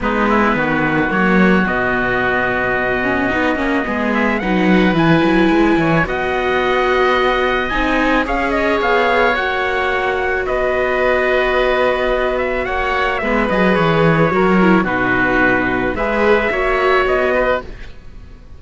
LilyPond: <<
  \new Staff \with { instrumentName = "trumpet" } { \time 4/4 \tempo 4 = 109 b'2 cis''4 dis''4~ | dis''2.~ dis''8 e''8 | fis''4 gis''2 fis''4~ | fis''2 gis''4 f''8 dis''8 |
f''4 fis''2 dis''4~ | dis''2~ dis''8 e''8 fis''4 | e''8 dis''8 cis''2 b'4~ | b'4 e''2 dis''4 | }
  \new Staff \with { instrumentName = "oboe" } { \time 4/4 dis'8 e'8 fis'2.~ | fis'2. gis'4 | b'2~ b'8 cis''8 dis''4~ | dis''2. cis''4~ |
cis''2. b'4~ | b'2. cis''4 | b'2 ais'4 fis'4~ | fis'4 b'4 cis''4. b'8 | }
  \new Staff \with { instrumentName = "viola" } { \time 4/4 b2 ais4 b4~ | b4. cis'8 dis'8 cis'8 b4 | dis'4 e'2 fis'4~ | fis'2 dis'4 gis'4~ |
gis'4 fis'2.~ | fis'1 | b8 gis'4. fis'8 e'8 dis'4~ | dis'4 gis'4 fis'2 | }
  \new Staff \with { instrumentName = "cello" } { \time 4/4 gis4 dis4 fis4 b,4~ | b,2 b8 ais8 gis4 | fis4 e8 fis8 gis8 e8 b4~ | b2 c'4 cis'4 |
b4 ais2 b4~ | b2. ais4 | gis8 fis8 e4 fis4 b,4~ | b,4 gis4 ais4 b4 | }
>>